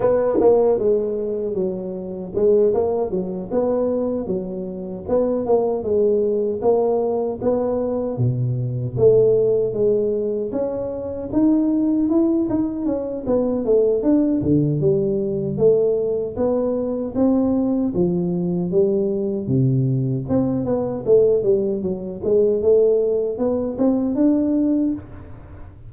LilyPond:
\new Staff \with { instrumentName = "tuba" } { \time 4/4 \tempo 4 = 77 b8 ais8 gis4 fis4 gis8 ais8 | fis8 b4 fis4 b8 ais8 gis8~ | gis8 ais4 b4 b,4 a8~ | a8 gis4 cis'4 dis'4 e'8 |
dis'8 cis'8 b8 a8 d'8 d8 g4 | a4 b4 c'4 f4 | g4 c4 c'8 b8 a8 g8 | fis8 gis8 a4 b8 c'8 d'4 | }